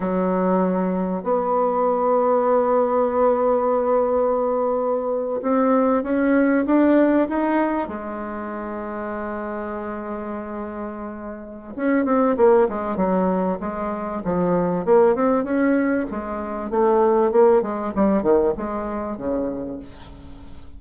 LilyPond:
\new Staff \with { instrumentName = "bassoon" } { \time 4/4 \tempo 4 = 97 fis2 b2~ | b1~ | b8. c'4 cis'4 d'4 dis'16~ | dis'8. gis2.~ gis16~ |
gis2. cis'8 c'8 | ais8 gis8 fis4 gis4 f4 | ais8 c'8 cis'4 gis4 a4 | ais8 gis8 g8 dis8 gis4 cis4 | }